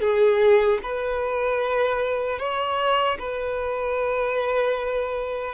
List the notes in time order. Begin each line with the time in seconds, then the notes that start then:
0.00 G#4
0.83 B4
2.38 C#5
3.18 B4